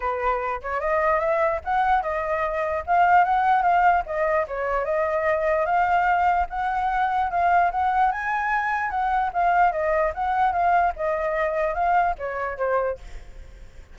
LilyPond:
\new Staff \with { instrumentName = "flute" } { \time 4/4 \tempo 4 = 148 b'4. cis''8 dis''4 e''4 | fis''4 dis''2 f''4 | fis''4 f''4 dis''4 cis''4 | dis''2 f''2 |
fis''2 f''4 fis''4 | gis''2 fis''4 f''4 | dis''4 fis''4 f''4 dis''4~ | dis''4 f''4 cis''4 c''4 | }